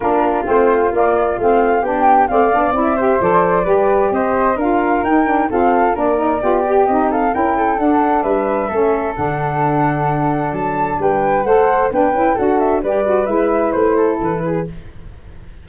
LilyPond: <<
  \new Staff \with { instrumentName = "flute" } { \time 4/4 \tempo 4 = 131 ais'4 c''4 d''4 f''4 | g''4 f''4 e''4 d''4~ | d''4 dis''4 f''4 g''4 | f''4 d''2 dis''8 f''8 |
g''4 fis''4 e''2 | fis''2. a''4 | g''4 fis''4 g''4 fis''8 e''8 | d''4 e''4 c''4 b'4 | }
  \new Staff \with { instrumentName = "flute" } { \time 4/4 f'1 | g'4 d''4. c''4. | b'4 c''4 ais'2 | a'4 ais'4 g'4. a'8 |
ais'8 a'4. b'4 a'4~ | a'1 | b'4 c''4 b'4 a'4 | b'2~ b'8 a'4 gis'8 | }
  \new Staff \with { instrumentName = "saxophone" } { \time 4/4 d'4 c'4 ais4 c'4 | d'4 c'8 d'8 e'8 g'8 a'4 | g'2 f'4 dis'8 d'8 | c'4 d'8 dis'8 f'8 g'8 dis'4 |
e'4 d'2 cis'4 | d'1~ | d'4 a'4 d'8 e'8 fis'4 | g'8 fis'8 e'2. | }
  \new Staff \with { instrumentName = "tuba" } { \time 4/4 ais4 a4 ais4 a4 | b4 a8 b8 c'4 f4 | g4 c'4 d'4 dis'4 | f'4 ais4 b4 c'4 |
cis'4 d'4 g4 a4 | d2. fis4 | g4 a4 b8 cis'8 d'4 | g4 gis4 a4 e4 | }
>>